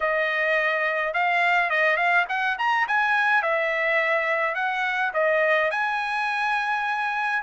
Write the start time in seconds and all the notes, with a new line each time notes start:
0.00 D#5
1.13 F5
1.70 D#5
1.96 F5
2.29 F#5
2.58 A#5
2.87 G#5
3.42 E5
4.54 F#5
5.13 D#5
5.70 G#5